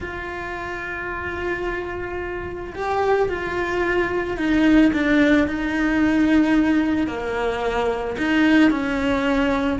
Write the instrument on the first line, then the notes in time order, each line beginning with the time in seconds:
cello
0.00 F4
2.74 G4
3.29 F4
4.37 D#4
4.93 D4
5.47 D#4
7.07 A#3
8.17 D#4
8.70 C#4